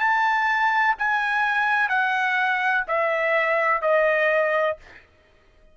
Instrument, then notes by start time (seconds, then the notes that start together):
trumpet
0.00 A5
0.98 G#5
1.89 F#5
2.88 E5
3.82 D#5